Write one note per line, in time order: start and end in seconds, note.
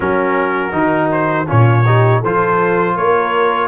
0.00 0.72 F#3
0.00 0.72 C#4
0.00 1.47 F#4
0.00 1.11 A#4
0.72 1.46 D#3
0.72 1.46 D#4
1.11 1.48 C5
1.47 2.23 A#2
1.47 1.84 C#4
1.47 1.84 F4
1.47 2.23 C#5
1.85 2.23 D#4
1.85 2.20 G4
2.20 2.96 F3
2.20 3.67 F4
2.20 2.94 A4
2.20 2.96 C5
2.96 3.67 A#3
2.96 3.67 A#4
2.96 3.67 C#5